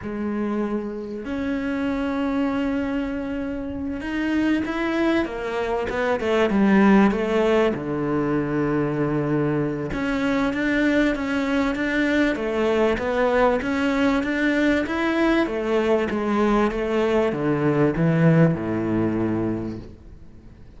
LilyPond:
\new Staff \with { instrumentName = "cello" } { \time 4/4 \tempo 4 = 97 gis2 cis'2~ | cis'2~ cis'8 dis'4 e'8~ | e'8 ais4 b8 a8 g4 a8~ | a8 d2.~ d8 |
cis'4 d'4 cis'4 d'4 | a4 b4 cis'4 d'4 | e'4 a4 gis4 a4 | d4 e4 a,2 | }